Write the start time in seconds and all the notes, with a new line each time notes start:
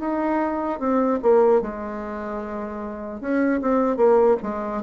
0.00 D#4
0.80 C4
1.23 A#3
1.62 G#3
3.21 C#4
3.62 C4
3.97 A#3
4.43 G#3